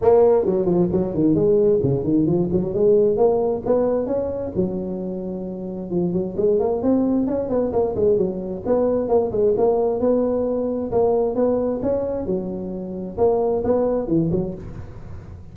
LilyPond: \new Staff \with { instrumentName = "tuba" } { \time 4/4 \tempo 4 = 132 ais4 fis8 f8 fis8 dis8 gis4 | cis8 dis8 f8 fis8 gis4 ais4 | b4 cis'4 fis2~ | fis4 f8 fis8 gis8 ais8 c'4 |
cis'8 b8 ais8 gis8 fis4 b4 | ais8 gis8 ais4 b2 | ais4 b4 cis'4 fis4~ | fis4 ais4 b4 e8 fis8 | }